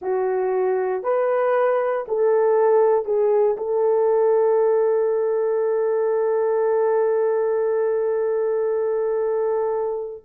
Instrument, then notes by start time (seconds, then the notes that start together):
horn
0.01 F#4
1.03 B4
2.08 A4
3.05 G#4
3.57 A4